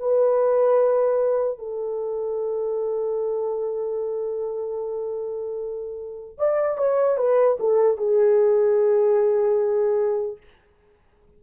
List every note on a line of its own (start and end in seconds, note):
0.00 1.59 B4
1.59 6.38 A4
6.38 6.78 D5
6.78 7.18 C#5
7.18 7.58 B4
7.60 7.97 A4
7.97 10.37 G#4